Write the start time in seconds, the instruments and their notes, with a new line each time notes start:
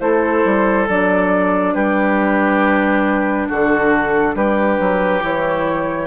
0.00 bassoon A3, clarinet E4, oboe A4, flute C5
0.45 bassoon G3
0.89 bassoon F#3, clarinet D4, flute D5
1.74 bassoon G3, oboe G4, flute B4
3.48 bassoon D3, oboe F#4, flute A4
4.35 bassoon G3, oboe G4, flute B4
4.79 bassoon F#3
5.21 bassoon E3, clarinet E4, flute C#5